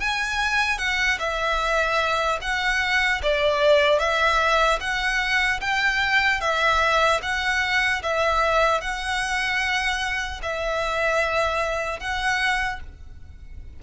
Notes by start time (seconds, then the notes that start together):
0.00 G#5
0.79 F#5
1.19 E5
2.41 F#5
3.23 D5
3.99 E5
4.80 F#5
5.61 G5
6.41 E5
7.22 F#5
8.03 E5
8.81 F#5
10.43 E5
12.00 F#5